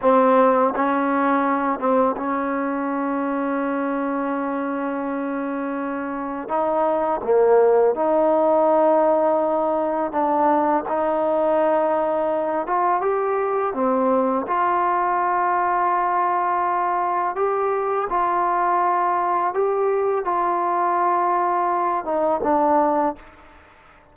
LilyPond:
\new Staff \with { instrumentName = "trombone" } { \time 4/4 \tempo 4 = 83 c'4 cis'4. c'8 cis'4~ | cis'1~ | cis'4 dis'4 ais4 dis'4~ | dis'2 d'4 dis'4~ |
dis'4. f'8 g'4 c'4 | f'1 | g'4 f'2 g'4 | f'2~ f'8 dis'8 d'4 | }